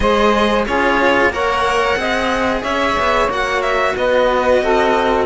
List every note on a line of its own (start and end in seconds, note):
0.00 0.66 G#3
0.00 0.66 G#4
0.00 0.66 C5
0.00 0.64 D#5
0.66 1.28 C#4
0.66 1.33 F4
0.66 1.32 G#4
0.66 1.32 C#5
1.28 1.94 A#3
1.28 1.96 A#4
1.28 1.98 C#5
1.28 2.63 F#5
1.96 2.62 C4
1.96 3.28 G#4
1.96 2.61 D#5
2.61 2.96 C#4
2.61 3.93 C#5
2.61 3.29 E5
2.99 3.27 B3
3.27 3.93 A#3
3.27 5.26 F#4
3.27 3.62 F#5
3.62 3.95 E5
3.96 4.62 B3
3.96 4.62 B4
3.96 5.26 D#5
4.62 5.26 C4
4.62 5.26 A4